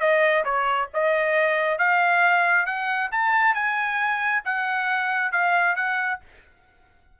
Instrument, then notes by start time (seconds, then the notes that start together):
trumpet
0.00 D#5
0.44 C#5
0.94 D#5
1.78 F5
2.66 F#5
3.12 A5
3.54 G#5
4.45 F#5
5.32 F5
5.76 F#5